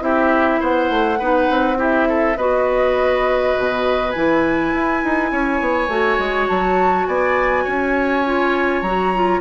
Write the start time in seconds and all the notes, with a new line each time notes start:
0.00 C4 E4 G4 E5
0.61 B3 C5 F#5
0.90 A3
1.19 B3 D#4 B4
1.50 C4
1.77 E4 G4 E5
2.09 A4
2.37 B3 F#4 B4 D#5
3.58 B2
4.12 E3 E4 G#5
4.73 E4
5.04 D#4
5.32 C#4 C#5
5.61 B3
5.88 A3 F#4
6.19 G#3
6.48 F#3 A5
7.07 B3 D5 G#5
7.64 C#4 C#5
8.26 F4
8.82 F#3 F#4 A#5
9.15 F4